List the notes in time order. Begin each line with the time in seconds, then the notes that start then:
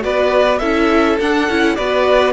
0.00 B3 F#4 B4 D5
0.59 C#4 E4 A4 E5
1.20 D4 F#5
1.49 C#4 E4
1.75 B3 F#4 B4 D5